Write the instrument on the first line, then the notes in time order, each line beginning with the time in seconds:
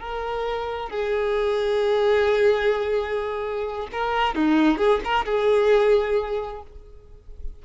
violin
0.00 A#4
0.90 G#4
3.92 A#4
4.35 D#4
4.78 G#4
5.05 A#4
5.25 G#4